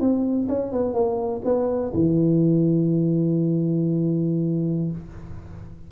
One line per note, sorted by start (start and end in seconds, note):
0.00 0.48 C4
0.48 0.72 C#4
0.72 0.94 B3
0.94 1.41 A#3
1.44 1.92 B3
1.94 4.91 E3